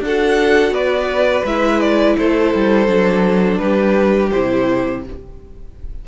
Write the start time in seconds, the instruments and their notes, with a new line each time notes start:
0.00 cello D4, violin A4 F#5
0.06 viola F#4
0.71 cello B3, violin B4 D5
1.44 cello G#3, viola E4, violin E5
1.80 violin D5
2.17 cello A3, violin A4 C5
2.54 cello G3
2.87 cello F#3, viola D4
3.58 cello G3, violin G4 B4
4.31 cello C3, viola E4, violin C5